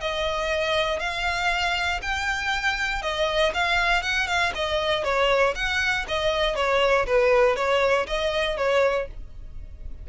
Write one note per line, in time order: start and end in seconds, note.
0.00 0.99 D#5
0.99 2.00 F5
2.02 3.02 G5
3.02 3.52 D#5
3.54 4.02 F5
4.02 4.27 F#5
4.27 4.52 F5
4.54 5.04 D#5
5.04 5.54 C#5
5.55 6.05 F#5
6.08 6.55 D#5
6.55 7.06 C#5
7.06 7.56 B4
7.56 8.06 C#5
8.06 8.57 D#5
8.57 9.07 C#5